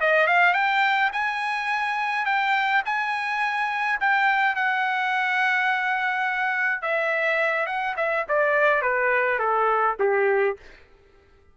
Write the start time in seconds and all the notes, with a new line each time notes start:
0.00 D#5
0.26 F5
0.53 G5
1.12 G#5
2.25 G5
2.85 G#5
4.00 G5
4.55 F#5
6.81 E5
7.66 F#5
7.96 E5
8.28 D5
8.81 B4
9.39 A4
9.99 G4